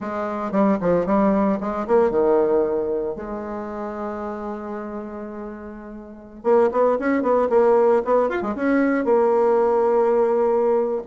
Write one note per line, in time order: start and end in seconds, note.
0.00 0.51 G#3
0.51 0.78 G3
0.81 1.06 F3
1.06 1.58 G3
1.60 1.86 G#3
1.87 2.10 A#3
2.10 3.15 D#3
3.15 6.43 G#3
6.43 6.69 A#3
6.71 6.98 B3
6.99 7.22 C#4
7.22 7.48 B3
7.49 8.02 A#3
8.05 8.29 B3
8.29 8.42 F4
8.42 8.55 G#3
8.55 9.04 C#4
9.04 11.02 A#3